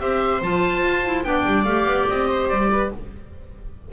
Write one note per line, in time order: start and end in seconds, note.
0.00 0.42 C4
0.00 0.41 G4
0.00 1.26 C5
0.00 0.42 E5
0.42 0.82 F3
0.42 1.04 F4
0.42 1.24 A5
0.82 1.24 F4
1.05 1.24 E4
1.24 1.45 B3
1.24 1.65 D4
1.24 2.28 D5
1.24 1.64 G5
1.46 1.65 G3
1.64 1.85 A3
1.64 2.91 G4
1.64 2.05 F5
1.85 2.06 B3
2.09 2.50 C4
2.09 2.49 D#5
2.28 2.69 C5
2.49 2.91 G3
2.49 2.90 D5
2.72 2.92 B4